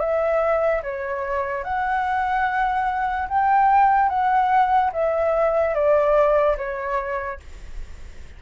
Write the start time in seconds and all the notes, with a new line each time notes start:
0.00 E5
0.83 C#5
1.64 F#5
3.29 G5
4.09 F#5
4.93 E5
5.75 D5
6.58 C#5